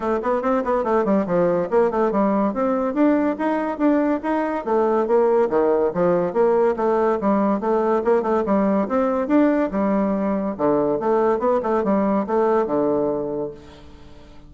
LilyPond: \new Staff \with { instrumentName = "bassoon" } { \time 4/4 \tempo 4 = 142 a8 b8 c'8 b8 a8 g8 f4 | ais8 a8 g4 c'4 d'4 | dis'4 d'4 dis'4 a4 | ais4 dis4 f4 ais4 |
a4 g4 a4 ais8 a8 | g4 c'4 d'4 g4~ | g4 d4 a4 b8 a8 | g4 a4 d2 | }